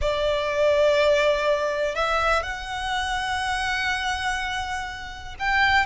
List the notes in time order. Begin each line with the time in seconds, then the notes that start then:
0.01 D5
1.95 E5
2.42 F#5
5.39 G5